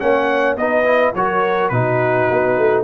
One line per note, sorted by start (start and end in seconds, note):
0.00 0.56 A#3
0.00 0.57 C#4
0.00 0.57 C#5
0.00 0.57 F#5
0.56 1.13 B3
0.56 0.85 D#4
0.56 1.14 B4
0.56 1.15 D#5
0.85 1.13 E4
1.15 1.71 F#3
1.15 1.73 F#4
1.15 1.73 A#4
1.15 1.69 C#5
1.69 2.28 B2
1.69 2.84 D#4
1.69 2.84 F#4
1.69 2.83 B4
2.31 2.58 B3
2.58 2.84 A3